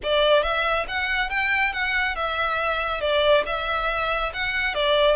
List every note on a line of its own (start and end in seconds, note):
0.03 0.42 D5
0.42 0.85 E5
0.88 1.29 F#5
1.29 1.72 G5
1.72 2.15 F#5
2.15 3.00 E5
3.00 3.44 D5
3.46 4.32 E5
4.33 4.74 F#5
4.74 5.16 D5